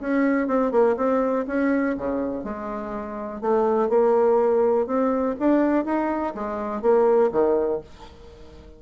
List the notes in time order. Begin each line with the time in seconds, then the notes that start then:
0.00 C#4
0.47 C4
0.71 A#3
0.97 C4
1.47 C#4
1.97 C#3
2.44 G#3
3.41 A3
3.89 A#3
4.87 C4
5.39 D4
5.85 D#4
6.34 G#3
6.82 A#3
7.32 D#3